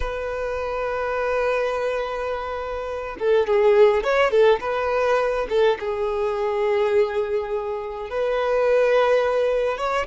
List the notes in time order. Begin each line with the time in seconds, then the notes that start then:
0.00 B4
3.19 A4
3.47 G#4
4.03 C#5
4.30 A4
4.60 B4
5.49 A4
5.79 G#4
8.10 B4
9.77 C#5